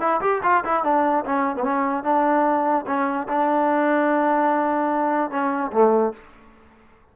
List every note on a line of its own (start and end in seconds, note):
0.00 0.20 E4
0.21 0.41 G4
0.43 0.63 F4
0.65 0.84 E4
0.84 1.24 D4
1.25 1.56 C#4
1.56 1.63 B3
1.63 2.04 C#4
2.04 2.85 D4
2.86 3.27 C#4
3.28 5.30 D4
5.30 5.71 C#4
5.72 6.13 A3